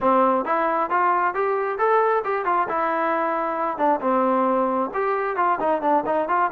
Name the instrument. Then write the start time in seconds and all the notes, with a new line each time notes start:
trombone
0.01 C4
0.45 E4
0.90 F4
1.34 G4
1.78 A4
2.24 G4
2.45 F4
2.68 E4
3.77 D4
4.01 C4
4.94 G4
5.36 F4
5.60 D#4
5.81 D4
6.05 D#4
6.28 F4